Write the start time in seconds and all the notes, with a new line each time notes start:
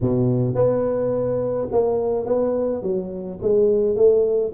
0.01 B2
0.55 B3
1.71 A#3
2.25 B3
2.82 F#3
3.42 G#3
3.95 A3